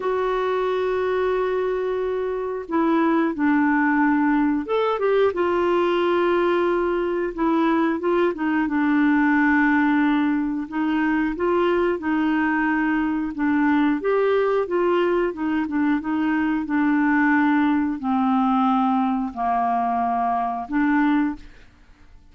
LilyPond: \new Staff \with { instrumentName = "clarinet" } { \time 4/4 \tempo 4 = 90 fis'1 | e'4 d'2 a'8 g'8 | f'2. e'4 | f'8 dis'8 d'2. |
dis'4 f'4 dis'2 | d'4 g'4 f'4 dis'8 d'8 | dis'4 d'2 c'4~ | c'4 ais2 d'4 | }